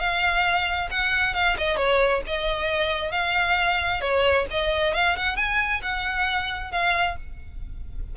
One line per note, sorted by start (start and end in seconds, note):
0.00 0.90 F5
0.91 1.35 F#5
1.35 1.57 F5
1.58 1.77 D#5
1.77 2.22 C#5
2.27 3.12 D#5
3.12 4.01 F5
4.01 4.46 C#5
4.51 4.95 D#5
4.95 5.17 F5
5.17 5.36 F#5
5.36 5.81 G#5
5.82 6.72 F#5
6.72 7.17 F5